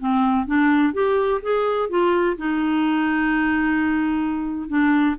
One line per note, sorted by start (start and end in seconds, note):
0.00 0.46 C4
0.46 0.94 D4
0.94 1.41 G4
1.42 1.90 G#4
1.90 2.37 F4
2.38 4.69 D#4
4.69 5.16 D4